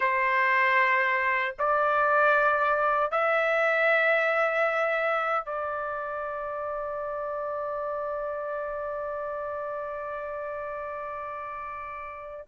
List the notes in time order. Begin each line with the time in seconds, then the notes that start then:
0.00 C5
1.58 D5
3.11 E5
5.45 D5